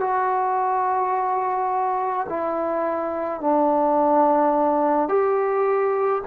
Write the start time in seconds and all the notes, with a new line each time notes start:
0.00 F#4
2.28 E4
3.40 D4
5.08 G4